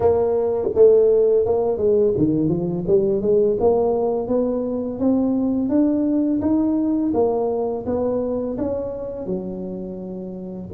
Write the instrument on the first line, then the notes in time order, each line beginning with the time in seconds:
tuba
0.00 A#3
0.74 A3
1.45 A#3
1.77 G#3
2.17 D#3
2.48 F3
2.87 G3
3.21 G#3
3.60 A#3
4.27 B3
4.99 C4
5.69 D4
6.41 D#4
7.13 A#3
7.85 B3
8.57 C#4
9.25 F#3